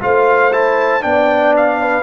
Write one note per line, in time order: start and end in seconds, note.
0.00 1.03 A3
0.00 0.51 F4
0.00 1.05 C5
0.00 0.53 F5
0.52 1.01 E4
0.52 1.03 A5
1.01 2.02 B3
1.01 2.02 D4
1.01 1.81 D5
1.01 1.54 G5
1.56 2.02 F5
1.81 2.02 B4